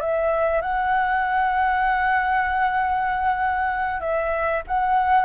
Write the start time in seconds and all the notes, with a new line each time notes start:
0.00 E5
0.61 F#5
4.00 E5
4.67 F#5